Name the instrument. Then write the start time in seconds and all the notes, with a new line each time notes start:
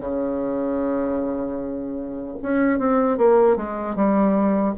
bassoon
0.00 C#3
2.42 C#4
2.79 C4
3.18 A#3
3.57 G#3
3.96 G3